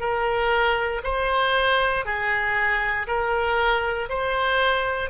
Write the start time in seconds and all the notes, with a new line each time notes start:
0.00 A#4
1.04 C5
2.06 G#4
3.07 A#4
4.10 C5